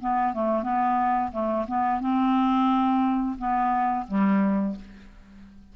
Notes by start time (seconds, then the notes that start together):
0.00 B3
0.33 A3
0.63 B3
1.31 A3
1.67 B3
2.00 C4
3.37 B3
4.07 G3